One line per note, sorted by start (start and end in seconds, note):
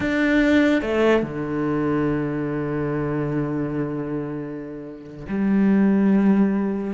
0.00 0.81 D4
0.81 1.22 A3
1.22 5.26 D3
5.29 6.93 G3